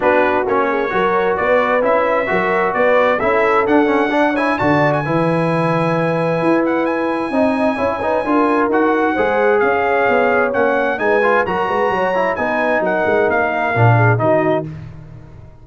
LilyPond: <<
  \new Staff \with { instrumentName = "trumpet" } { \time 4/4 \tempo 4 = 131 b'4 cis''2 d''4 | e''2 d''4 e''4 | fis''4. gis''8 a''8. gis''4~ gis''16~ | gis''2~ gis''8 fis''8 gis''4~ |
gis''2. fis''4~ | fis''4 f''2 fis''4 | gis''4 ais''2 gis''4 | fis''4 f''2 dis''4 | }
  \new Staff \with { instrumentName = "horn" } { \time 4/4 fis'4. gis'8 ais'4 b'4~ | b'4 ais'4 b'4 a'4~ | a'4 d''8 cis''8 d''4 b'4~ | b'1 |
dis''4 cis''8 b'8 ais'2 | c''4 cis''2. | b'4 ais'8 b'8 cis''4 b'4 | ais'2~ ais'8 gis'8 fis'4 | }
  \new Staff \with { instrumentName = "trombone" } { \time 4/4 d'4 cis'4 fis'2 | e'4 fis'2 e'4 | d'8 cis'8 d'8 e'8 fis'4 e'4~ | e'1 |
dis'4 e'8 dis'8 f'4 fis'4 | gis'2. cis'4 | dis'8 f'8 fis'4. e'8 dis'4~ | dis'2 d'4 dis'4 | }
  \new Staff \with { instrumentName = "tuba" } { \time 4/4 b4 ais4 fis4 b4 | cis'4 fis4 b4 cis'4 | d'2 d4 e4~ | e2 e'2 |
c'4 cis'4 d'4 dis'4 | gis4 cis'4 b4 ais4 | gis4 fis8 gis8 fis4 b4 | fis8 gis8 ais4 ais,4 dis4 | }
>>